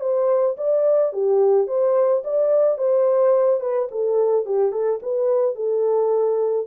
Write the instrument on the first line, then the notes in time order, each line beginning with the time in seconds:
horn
0.00 C5
0.57 D5
1.13 G4
1.67 C5
2.23 D5
2.78 C5
3.60 B4
3.91 A4
4.45 G4
4.71 A4
5.02 B4
5.55 A4